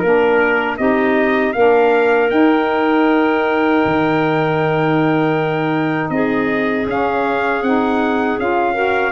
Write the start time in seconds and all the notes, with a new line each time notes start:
0.00 A#3 D4 A#4
0.78 C4 D#4 G4 D#5
1.53 A#3 D4 A#4 F5
2.29 D#4 G5
3.86 D#3
6.10 C4 G#4 D#5
6.86 C#4 F5
7.62 C4 D#4 F#5
8.39 C#4 F4 F5
8.74 F#4 A#4